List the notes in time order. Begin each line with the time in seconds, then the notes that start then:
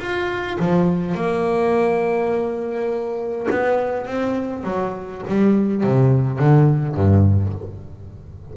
0.00 F4
0.60 F3
1.15 A#3
3.51 B3
4.07 C4
4.64 F#3
5.28 G3
5.84 C3
6.39 D3
6.95 G2